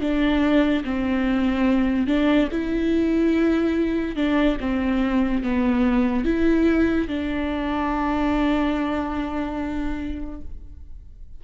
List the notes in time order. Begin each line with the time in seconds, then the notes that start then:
0.00 D4
0.84 C4
2.06 D4
2.51 E4
4.16 D4
4.60 C4
5.43 B3
6.24 E4
7.08 D4